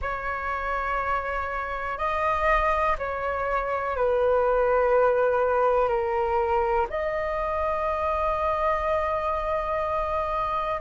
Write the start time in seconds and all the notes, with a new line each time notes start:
0.01 C#5
1.98 D#5
2.98 C#5
3.96 B4
5.88 A#4
6.89 D#5